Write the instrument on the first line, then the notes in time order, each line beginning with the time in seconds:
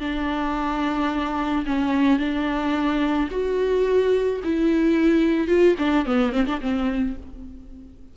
viola
0.00 D4
1.66 C#4
2.18 D4
3.31 F#4
4.44 E4
5.47 F4
5.78 D4
6.06 B3
6.32 C4
6.46 D4
6.61 C4